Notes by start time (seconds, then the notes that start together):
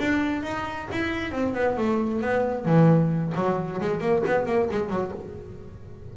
0.00 D4
0.43 D#4
0.92 E4
1.32 C4
1.55 B3
1.78 A3
2.21 B3
2.66 E3
3.35 F#3
3.81 G#3
4.01 A#3
4.27 B3
4.46 A#3
4.71 G#3
4.89 F#3